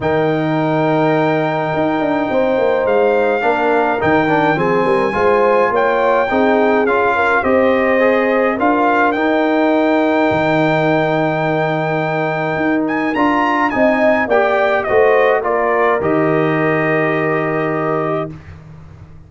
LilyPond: <<
  \new Staff \with { instrumentName = "trumpet" } { \time 4/4 \tempo 4 = 105 g''1~ | g''4 f''2 g''4 | gis''2 g''2 | f''4 dis''2 f''4 |
g''1~ | g''2~ g''8 gis''8 ais''4 | gis''4 g''4 dis''4 d''4 | dis''1 | }
  \new Staff \with { instrumentName = "horn" } { \time 4/4 ais'1 | c''2 ais'2 | gis'8 ais'8 c''4 cis''4 gis'4~ | gis'8 ais'8 c''2 ais'4~ |
ais'1~ | ais'1 | dis''4 d''4 c''4 ais'4~ | ais'1 | }
  \new Staff \with { instrumentName = "trombone" } { \time 4/4 dis'1~ | dis'2 d'4 dis'8 d'8 | c'4 f'2 dis'4 | f'4 g'4 gis'4 f'4 |
dis'1~ | dis'2. f'4 | dis'4 g'4 fis'4 f'4 | g'1 | }
  \new Staff \with { instrumentName = "tuba" } { \time 4/4 dis2. dis'8 d'8 | c'8 ais8 gis4 ais4 dis4 | f8 g8 gis4 ais4 c'4 | cis'4 c'2 d'4 |
dis'2 dis2~ | dis2 dis'4 d'4 | c'4 ais4 a4 ais4 | dis1 | }
>>